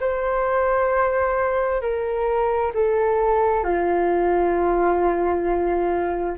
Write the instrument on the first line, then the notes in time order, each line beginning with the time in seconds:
flute
0.00 C5
1.81 A#4
2.74 A4
3.64 F4